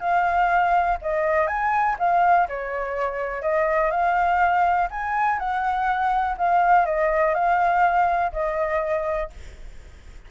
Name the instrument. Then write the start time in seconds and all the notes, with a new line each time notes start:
flute
0.00 F5
1.01 D#5
1.47 G#5
1.99 F5
2.48 C#5
3.42 D#5
3.91 F5
4.90 G#5
5.39 F#5
6.37 F5
6.86 D#5
7.34 F5
8.32 D#5